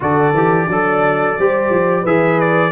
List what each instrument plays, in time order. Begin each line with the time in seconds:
0.00 tuba D3, trombone F#4, horn A4, trumpet D5
0.33 tuba E3, trombone G4
0.66 tuba F#3, horn D4, trombone A4
1.38 tuba G3, trombone G4, horn C5
1.70 tuba F3
2.02 tuba E3, trombone G#4, horn B4, trumpet E5
2.40 trumpet D5